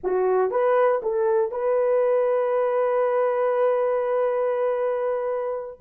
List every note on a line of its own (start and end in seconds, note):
0.03 0.50 F#4
0.50 1.01 B4
1.02 1.51 A4
1.51 5.79 B4